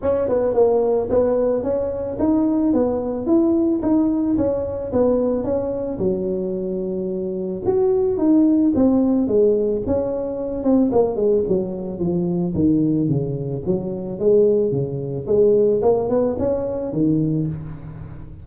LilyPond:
\new Staff \with { instrumentName = "tuba" } { \time 4/4 \tempo 4 = 110 cis'8 b8 ais4 b4 cis'4 | dis'4 b4 e'4 dis'4 | cis'4 b4 cis'4 fis4~ | fis2 fis'4 dis'4 |
c'4 gis4 cis'4. c'8 | ais8 gis8 fis4 f4 dis4 | cis4 fis4 gis4 cis4 | gis4 ais8 b8 cis'4 dis4 | }